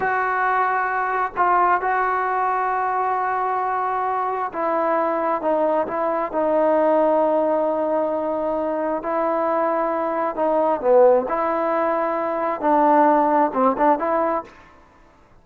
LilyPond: \new Staff \with { instrumentName = "trombone" } { \time 4/4 \tempo 4 = 133 fis'2. f'4 | fis'1~ | fis'2 e'2 | dis'4 e'4 dis'2~ |
dis'1 | e'2. dis'4 | b4 e'2. | d'2 c'8 d'8 e'4 | }